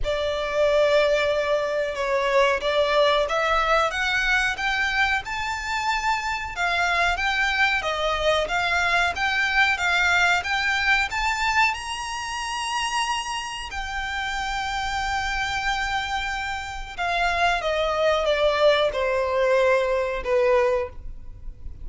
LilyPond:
\new Staff \with { instrumentName = "violin" } { \time 4/4 \tempo 4 = 92 d''2. cis''4 | d''4 e''4 fis''4 g''4 | a''2 f''4 g''4 | dis''4 f''4 g''4 f''4 |
g''4 a''4 ais''2~ | ais''4 g''2.~ | g''2 f''4 dis''4 | d''4 c''2 b'4 | }